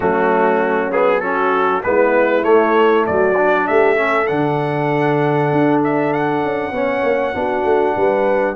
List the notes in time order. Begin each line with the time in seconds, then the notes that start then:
0.00 F#3 A3 C#4 F#4
0.92 B3 G#4
1.20 C#4 F#4 A4
1.83 G#3 B3 E4 B4
2.42 A3 C#5
3.06 F#3 F#4 D5
3.36 D4
3.67 A3 G4 E5
3.95 C#4 A4
4.26 D3 D4 F#5
5.52 D4
5.83 E5
6.13 F#5
6.42 C#4
6.71 B3 C#4 C#5
7.03 A#3
7.33 B3 D4 F#4
7.64 A3
7.96 G3 B4